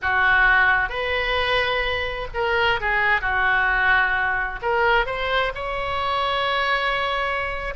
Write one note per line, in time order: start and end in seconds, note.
0.01 0.89 F#4
0.89 2.27 B4
2.33 2.80 A#4
2.80 3.21 G#4
3.21 4.59 F#4
4.62 5.06 A#4
5.06 5.52 C5
5.54 7.74 C#5